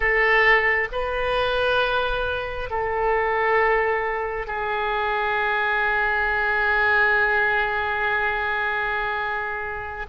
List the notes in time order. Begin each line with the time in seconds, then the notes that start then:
0.00 A4
0.92 B4
2.70 A4
4.46 G#4